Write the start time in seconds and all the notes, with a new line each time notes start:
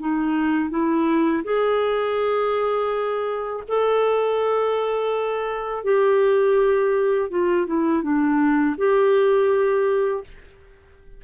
0.00 D#4
0.71 E4
1.44 G#4
3.68 A4
5.84 G4
7.30 F4
7.67 E4
8.03 D4
8.78 G4